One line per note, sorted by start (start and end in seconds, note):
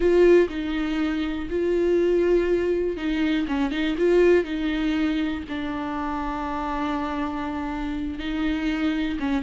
0.00 0.47 F4
0.49 1.48 D#4
1.50 2.96 F4
2.96 3.46 D#4
3.48 3.71 C#4
3.71 3.96 D#4
3.97 4.44 F4
4.44 5.43 D#4
5.48 8.18 D4
8.18 9.18 D#4
9.19 9.43 C#4